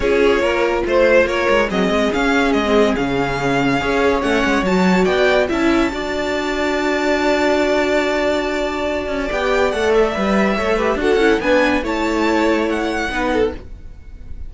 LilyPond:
<<
  \new Staff \with { instrumentName = "violin" } { \time 4/4 \tempo 4 = 142 cis''2 c''4 cis''4 | dis''4 f''4 dis''4 f''4~ | f''2 fis''4 a''4 | g''4 a''2.~ |
a''1~ | a''2 g''4 fis''8 e''8~ | e''2 fis''4 gis''4 | a''2 fis''2 | }
  \new Staff \with { instrumentName = "violin" } { \time 4/4 gis'4 ais'4 c''4 ais'4 | gis'1~ | gis'4 cis''2. | d''4 e''4 d''2~ |
d''1~ | d''1~ | d''4 cis''8 b'8 a'4 b'4 | cis''2. b'8 a'8 | }
  \new Staff \with { instrumentName = "viola" } { \time 4/4 f'1 | c'4 cis'4~ cis'16 c'8. cis'4~ | cis'4 gis'4 cis'4 fis'4~ | fis'4 e'4 fis'2~ |
fis'1~ | fis'2 g'4 a'4 | b'4 a'8 g'8 fis'8 e'8 d'4 | e'2. dis'4 | }
  \new Staff \with { instrumentName = "cello" } { \time 4/4 cis'4 ais4 a4 ais8 gis8 | fis8 gis8 cis'4 gis4 cis4~ | cis4 cis'4 a8 gis8 fis4 | b4 cis'4 d'2~ |
d'1~ | d'4. cis'8 b4 a4 | g4 a4 d'8 cis'8 b4 | a2. b4 | }
>>